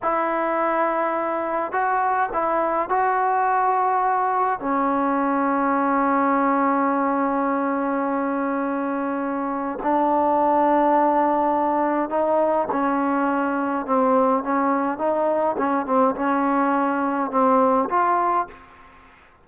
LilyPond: \new Staff \with { instrumentName = "trombone" } { \time 4/4 \tempo 4 = 104 e'2. fis'4 | e'4 fis'2. | cis'1~ | cis'1~ |
cis'4 d'2.~ | d'4 dis'4 cis'2 | c'4 cis'4 dis'4 cis'8 c'8 | cis'2 c'4 f'4 | }